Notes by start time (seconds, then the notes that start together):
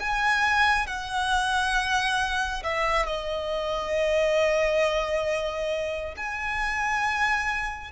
0.00 G#5
0.86 F#5
2.63 E5
3.06 D#5
6.17 G#5